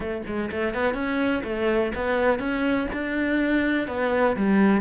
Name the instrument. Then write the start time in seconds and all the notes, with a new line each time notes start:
cello
0.00 A3
0.26 G#3
0.51 A3
0.74 B3
0.94 C#4
1.43 A3
1.95 B3
2.39 C#4
2.93 D4
3.87 B3
4.36 G3